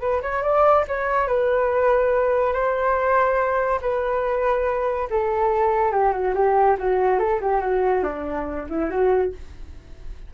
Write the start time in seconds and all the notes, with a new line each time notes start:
0.00 B4
0.22 C#5
0.42 D5
0.88 C#5
1.27 B4
2.53 C5
3.81 B4
5.10 A4
5.92 G4
6.12 F#4
6.34 G4
6.78 F#4
7.19 A4
7.41 G4
7.61 F#4
8.03 D4
8.69 E4
8.90 F#4